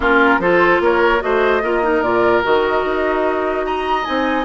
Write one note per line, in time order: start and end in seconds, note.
0.00 0.37 A#3
0.00 0.40 C#4
0.00 0.39 F4
0.00 0.41 A#4
0.38 0.79 F3
0.38 1.19 F4
0.38 0.82 A4
0.38 0.81 C5
0.80 1.20 A#3
0.80 1.23 A#4
0.80 1.21 C#5
1.19 1.62 A3
1.19 1.60 F#4
1.19 1.63 C5
1.19 2.02 D#5
1.62 2.02 A#3
1.62 1.83 F4
1.62 3.65 A#4
1.83 2.03 D#4
2.02 2.42 A#2
2.02 2.43 F4
2.02 2.42 D5
2.43 2.84 D#3
2.43 4.04 F#4
2.43 3.65 D#5
2.84 4.06 D#4
3.65 4.45 D#5
3.65 4.04 A#5
4.04 4.45 C4
4.04 4.45 D#4
4.04 4.44 G#5